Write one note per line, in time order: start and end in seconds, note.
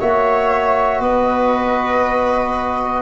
0.00 1.00 A#3
0.00 3.02 F#4
0.00 1.00 C#5
0.00 1.01 E5
1.00 3.02 B3
1.00 3.02 B4
1.00 3.02 D#5